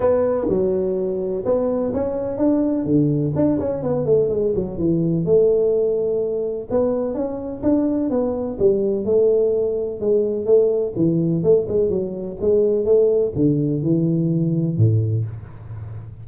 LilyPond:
\new Staff \with { instrumentName = "tuba" } { \time 4/4 \tempo 4 = 126 b4 fis2 b4 | cis'4 d'4 d4 d'8 cis'8 | b8 a8 gis8 fis8 e4 a4~ | a2 b4 cis'4 |
d'4 b4 g4 a4~ | a4 gis4 a4 e4 | a8 gis8 fis4 gis4 a4 | d4 e2 a,4 | }